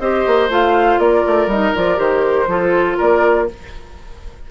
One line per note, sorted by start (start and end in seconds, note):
0.00 0.25 C4
0.00 0.50 G4
0.00 1.00 C5
0.00 0.50 D#5
0.27 0.50 A#3
0.50 0.99 A3
0.50 1.49 F4
0.50 1.00 F5
0.99 1.24 A#3
0.99 2.50 A#4
0.99 1.50 D5
1.27 1.47 A3
1.47 1.72 G3
1.47 1.76 D#4
1.47 1.75 D#5
1.76 1.99 F3
1.76 1.97 F4
1.76 2.00 D5
1.97 2.48 D#3
1.97 2.46 G4
1.97 2.99 C5
2.48 2.97 F3
2.48 3.49 F4
2.48 2.98 A4
2.98 3.51 A#3
2.98 3.47 A#4
2.98 3.49 D5